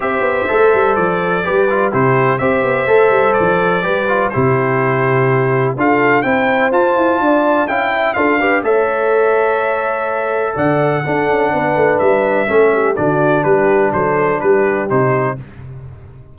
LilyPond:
<<
  \new Staff \with { instrumentName = "trumpet" } { \time 4/4 \tempo 4 = 125 e''2 d''2 | c''4 e''2 d''4~ | d''4 c''2. | f''4 g''4 a''2 |
g''4 f''4 e''2~ | e''2 fis''2~ | fis''4 e''2 d''4 | b'4 c''4 b'4 c''4 | }
  \new Staff \with { instrumentName = "horn" } { \time 4/4 c''2. b'4 | g'4 c''2. | b'4 g'2. | a'4 c''2 d''4 |
f''8 e''8 a'8 b'8 cis''2~ | cis''2 d''4 a'4 | b'2 a'8 g'8 fis'4 | g'4 a'4 g'2 | }
  \new Staff \with { instrumentName = "trombone" } { \time 4/4 g'4 a'2 g'8 f'8 | e'4 g'4 a'2 | g'8 f'8 e'2. | f'4 e'4 f'2 |
e'4 f'8 g'8 a'2~ | a'2. d'4~ | d'2 cis'4 d'4~ | d'2. dis'4 | }
  \new Staff \with { instrumentName = "tuba" } { \time 4/4 c'8 b8 a8 g8 f4 g4 | c4 c'8 b8 a8 g8 f4 | g4 c2. | d'4 c'4 f'8 e'8 d'4 |
cis'4 d'4 a2~ | a2 d4 d'8 cis'8 | b8 a8 g4 a4 d4 | g4 fis4 g4 c4 | }
>>